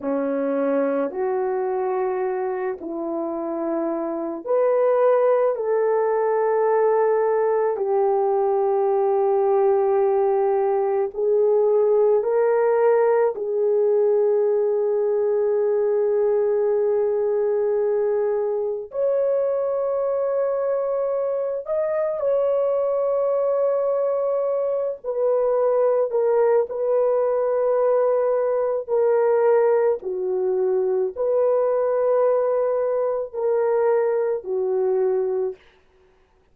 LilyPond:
\new Staff \with { instrumentName = "horn" } { \time 4/4 \tempo 4 = 54 cis'4 fis'4. e'4. | b'4 a'2 g'4~ | g'2 gis'4 ais'4 | gis'1~ |
gis'4 cis''2~ cis''8 dis''8 | cis''2~ cis''8 b'4 ais'8 | b'2 ais'4 fis'4 | b'2 ais'4 fis'4 | }